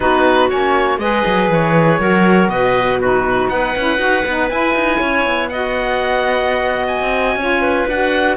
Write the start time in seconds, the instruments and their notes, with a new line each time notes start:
0.00 cello B3, saxophone D#4, clarinet F#4, oboe B4
0.49 cello A#3, saxophone C#4, oboe C#5
0.98 cello G#3, saxophone G#4, clarinet B4, oboe D#5
1.26 cello F#3
1.49 cello E3, oboe C#5
1.99 cello F#3, saxophone F#4, clarinet A#4
2.47 cello B2, clarinet B4, oboe D#5
3.00 saxophone D#4, clarinet F#4, oboe B4
3.49 cello B3, clarinet B4, oboe F#5
3.76 cello C#4, saxophone E4
3.97 cello D#4, saxophone F#4
4.25 cello B3, saxophone D#4
4.49 saxophone E4, cello E4, oboe G#5
4.75 cello D#4
4.99 cello C#4, clarinet C#5
5.25 cello B3
5.48 saxophone F#4, clarinet D#5, oboe F#5
6.87 oboe G#5
7.00 cello C4
7.35 cello C#4, saxophone F4, clarinet C#5
7.61 clarinet B4
7.87 cello D4, saxophone F#4, oboe F#5